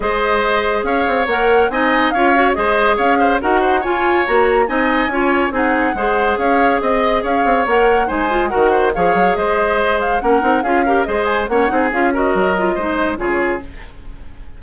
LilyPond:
<<
  \new Staff \with { instrumentName = "flute" } { \time 4/4 \tempo 4 = 141 dis''2 f''4 fis''4 | gis''4 f''4 dis''4 f''4 | fis''4 gis''4 ais''4 gis''4~ | gis''4 fis''2 f''4 |
dis''4 f''4 fis''4 gis''4 | fis''4 f''4 dis''4. f''8 | fis''4 f''4 dis''8 gis''8 fis''4 | f''8 dis''2~ dis''8 cis''4 | }
  \new Staff \with { instrumentName = "oboe" } { \time 4/4 c''2 cis''2 | dis''4 cis''4 c''4 cis''8 c''8 | ais'8 c''8 cis''2 dis''4 | cis''4 gis'4 c''4 cis''4 |
dis''4 cis''2 c''4 | ais'8 c''8 cis''4 c''2 | ais'4 gis'8 ais'8 c''4 cis''8 gis'8~ | gis'8 ais'4. c''4 gis'4 | }
  \new Staff \with { instrumentName = "clarinet" } { \time 4/4 gis'2. ais'4 | dis'4 f'8 fis'8 gis'2 | fis'4 f'4 fis'4 dis'4 | f'4 dis'4 gis'2~ |
gis'2 ais'4 dis'8 f'8 | fis'4 gis'2. | cis'8 dis'8 f'8 g'8 gis'4 cis'8 dis'8 | f'8 fis'4 f'8 dis'4 f'4 | }
  \new Staff \with { instrumentName = "bassoon" } { \time 4/4 gis2 cis'8 c'8 ais4 | c'4 cis'4 gis4 cis'4 | dis'4 f'4 ais4 c'4 | cis'4 c'4 gis4 cis'4 |
c'4 cis'8 c'8 ais4 gis4 | dis4 f8 fis8 gis2 | ais8 c'8 cis'4 gis4 ais8 c'8 | cis'4 fis4 gis4 cis4 | }
>>